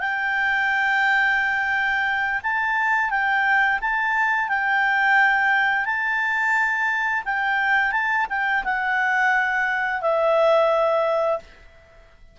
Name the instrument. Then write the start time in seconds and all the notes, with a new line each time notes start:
clarinet
0.00 G5
2.43 A5
3.11 G5
3.82 A5
4.49 G5
5.86 A5
7.25 G5
7.92 A5
8.29 G5
8.65 F#5
10.02 E5